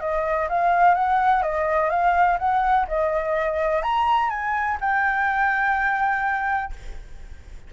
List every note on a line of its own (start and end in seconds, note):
0.00 0.48 D#5
0.49 0.94 F5
0.94 1.42 F#5
1.42 1.90 D#5
1.90 2.38 F5
2.38 2.86 F#5
2.88 3.82 D#5
3.82 4.30 A#5
4.30 4.78 G#5
4.80 6.72 G5